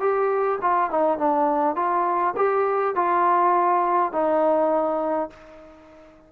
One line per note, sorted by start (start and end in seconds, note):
0.00 0.59 G4
0.62 0.91 F4
0.91 1.18 D#4
1.18 1.76 D4
1.76 2.34 F4
2.37 2.95 G4
2.95 4.13 F4
4.13 5.30 D#4